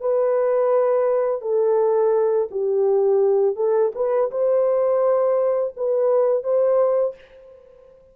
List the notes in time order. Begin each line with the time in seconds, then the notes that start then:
0.00 B4
1.41 A4
2.51 G4
3.56 A4
3.95 B4
4.31 C5
5.76 B4
6.44 C5